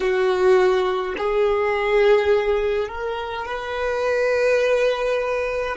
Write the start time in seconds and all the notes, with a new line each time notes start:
0.00 F#4
1.17 G#4
2.87 A#4
3.45 B4